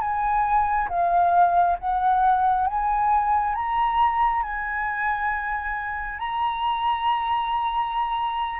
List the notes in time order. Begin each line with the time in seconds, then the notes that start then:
0.00 G#5
0.89 F5
1.78 F#5
2.67 G#5
3.54 A#5
4.42 G#5
6.18 A#5